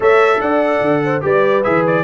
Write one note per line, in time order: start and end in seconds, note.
0.00 0.39 A3
0.00 1.21 A4
0.00 0.40 C#5
0.00 0.40 E5
0.40 0.80 D4
0.40 1.03 D5
0.40 1.22 F#5
0.80 1.22 D3
1.04 1.23 C5
1.21 1.66 G3
1.21 1.62 G4
1.21 2.04 B4
1.21 1.63 D5
1.63 2.04 E3
1.63 2.04 G#4
1.63 1.84 E5
1.86 2.04 D5